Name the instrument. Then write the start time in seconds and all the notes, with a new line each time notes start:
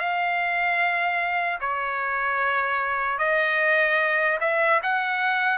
trumpet
0.00 F5
1.61 C#5
3.19 D#5
4.41 E5
4.83 F#5